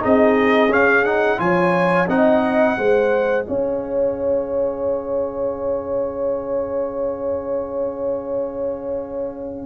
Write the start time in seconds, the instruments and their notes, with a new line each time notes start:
0.00 tuba C4, trombone D#4, horn G#4, trumpet D#5
0.69 tuba C#4, trombone C#4, trumpet F5
1.05 trombone D#4, trumpet F#5
1.38 tuba F3, trombone F4, horn C#5, trumpet G#5
2.08 tuba C4, trombone D#4, horn D#5, trumpet F#5
2.78 tuba G#3, trombone G#4, horn C5
3.44 tuba C#4, horn C#5, trumpet F5